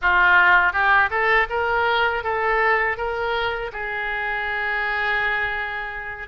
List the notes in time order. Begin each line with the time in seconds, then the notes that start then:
0.01 F4
0.72 G4
1.10 A4
1.49 A#4
2.23 A4
2.97 A#4
3.72 G#4